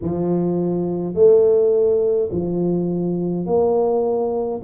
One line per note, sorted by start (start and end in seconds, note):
0.01 1.14 F3
1.14 2.29 A3
2.31 3.46 F3
3.46 4.61 A#3